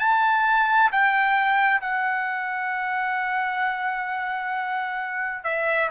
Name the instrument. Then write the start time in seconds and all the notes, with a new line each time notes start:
trumpet
0.00 A5
0.92 G5
1.81 F#5
5.44 E5